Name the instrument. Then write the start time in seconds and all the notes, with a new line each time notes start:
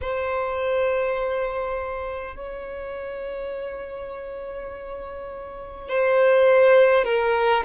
violin
0.01 C5
2.36 C#5
5.88 C5
7.04 A#4